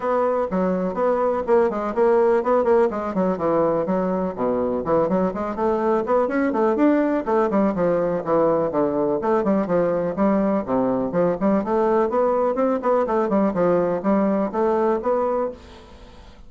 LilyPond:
\new Staff \with { instrumentName = "bassoon" } { \time 4/4 \tempo 4 = 124 b4 fis4 b4 ais8 gis8 | ais4 b8 ais8 gis8 fis8 e4 | fis4 b,4 e8 fis8 gis8 a8~ | a8 b8 cis'8 a8 d'4 a8 g8 |
f4 e4 d4 a8 g8 | f4 g4 c4 f8 g8 | a4 b4 c'8 b8 a8 g8 | f4 g4 a4 b4 | }